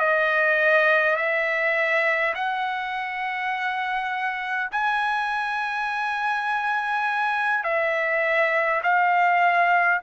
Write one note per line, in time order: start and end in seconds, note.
0.00 1.17 D#5
1.17 2.34 E5
2.35 4.71 F#5
4.72 7.64 G#5
7.64 8.82 E5
8.83 10.01 F5